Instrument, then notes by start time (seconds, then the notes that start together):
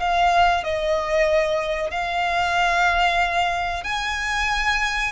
violin
0.00 F5
0.64 D#5
1.91 F5
3.84 G#5